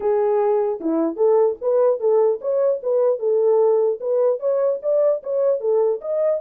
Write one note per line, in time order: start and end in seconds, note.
0.00 0.79 G#4
0.80 1.16 E4
1.16 1.56 A4
1.61 1.99 B4
1.99 2.39 A4
2.41 2.81 C#5
2.82 3.19 B4
3.19 3.99 A4
4.00 4.39 B4
4.39 4.79 C#5
4.82 5.22 D5
5.23 5.60 C#5
5.60 6.00 A4
6.01 6.41 D#5